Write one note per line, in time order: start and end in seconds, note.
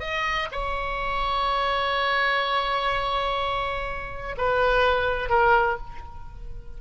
0.00 0.48 D#5
0.52 4.36 C#5
4.37 5.29 B4
5.29 5.77 A#4